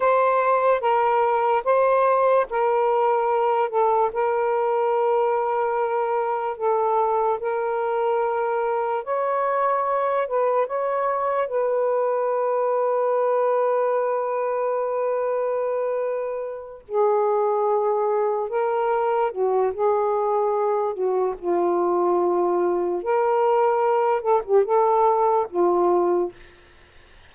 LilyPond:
\new Staff \with { instrumentName = "saxophone" } { \time 4/4 \tempo 4 = 73 c''4 ais'4 c''4 ais'4~ | ais'8 a'8 ais'2. | a'4 ais'2 cis''4~ | cis''8 b'8 cis''4 b'2~ |
b'1~ | b'8 gis'2 ais'4 fis'8 | gis'4. fis'8 f'2 | ais'4. a'16 g'16 a'4 f'4 | }